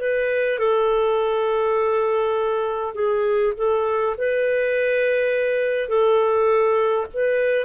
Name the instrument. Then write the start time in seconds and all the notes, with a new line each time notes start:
clarinet
0.00 B4
0.59 A4
2.94 G#4
3.57 A4
4.18 B4
5.88 A4
7.13 B4